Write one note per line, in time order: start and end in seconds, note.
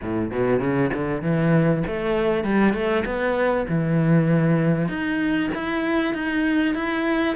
0.02 0.31 A2
0.31 0.59 B2
0.59 0.90 C#3
0.93 1.21 D3
1.21 1.83 E3
1.86 2.44 A3
2.44 2.73 G3
2.73 3.04 A3
3.05 3.66 B3
3.68 4.88 E3
4.88 5.49 D#4
5.54 6.14 E4
6.14 6.74 D#4
6.74 7.35 E4